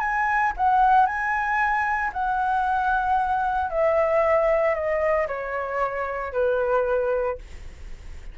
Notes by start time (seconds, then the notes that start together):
0.00 G#5
0.57 F#5
1.06 G#5
2.13 F#5
3.70 E5
4.74 D#5
5.27 C#5
6.33 B4